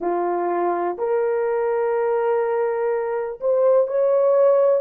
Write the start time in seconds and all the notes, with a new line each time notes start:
0.00 F4
0.98 A#4
3.40 C5
3.87 C#5